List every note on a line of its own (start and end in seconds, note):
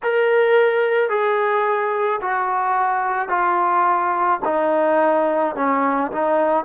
0.03 1.09 A#4
1.09 2.20 G#4
2.21 3.28 F#4
3.28 4.39 F4
4.44 5.55 D#4
5.55 6.11 C#4
6.11 6.65 D#4